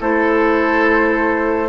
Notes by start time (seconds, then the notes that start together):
0.00 A3 E4 A4 C5